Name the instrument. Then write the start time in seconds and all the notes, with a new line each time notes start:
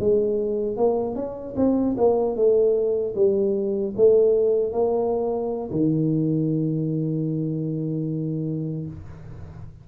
tuba
0.00 G#3
0.77 A#3
1.16 C#4
1.57 C4
1.98 A#3
2.36 A3
3.15 G3
3.97 A3
4.72 A#3
5.71 D#3